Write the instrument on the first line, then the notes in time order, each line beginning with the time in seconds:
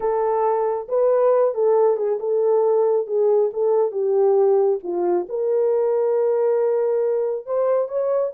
horn
0.00 A4
0.88 B4
1.54 A4
1.96 G#4
2.19 A4
3.07 G#4
3.53 A4
3.91 G4
4.83 F4
5.28 A#4
7.46 C5
7.88 C#5